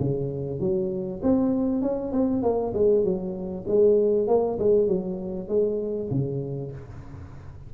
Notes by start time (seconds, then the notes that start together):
0.00 C#3
0.60 F#3
1.23 C4
1.82 C#4
2.12 C4
2.43 A#3
2.74 G#3
3.04 F#3
3.68 G#3
4.27 A#3
4.59 G#3
4.87 F#3
5.48 G#3
6.11 C#3